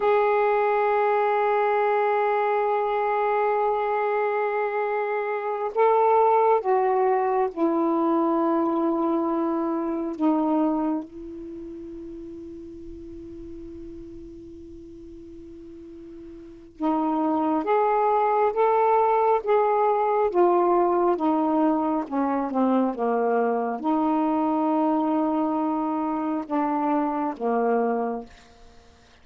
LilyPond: \new Staff \with { instrumentName = "saxophone" } { \time 4/4 \tempo 4 = 68 gis'1~ | gis'2~ gis'8 a'4 fis'8~ | fis'8 e'2. dis'8~ | dis'8 e'2.~ e'8~ |
e'2. dis'4 | gis'4 a'4 gis'4 f'4 | dis'4 cis'8 c'8 ais4 dis'4~ | dis'2 d'4 ais4 | }